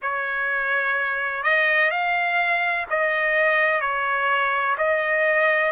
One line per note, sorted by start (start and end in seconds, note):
0.02 1.43 C#5
1.43 1.90 D#5
1.90 2.86 F5
2.90 3.81 D#5
3.81 4.76 C#5
4.77 5.71 D#5